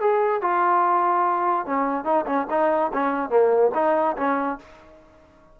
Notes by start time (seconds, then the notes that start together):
0.00 G#4
0.41 F4
1.66 C#4
2.04 D#4
2.26 C#4
2.50 D#4
2.93 C#4
3.29 A#3
3.74 D#4
4.16 C#4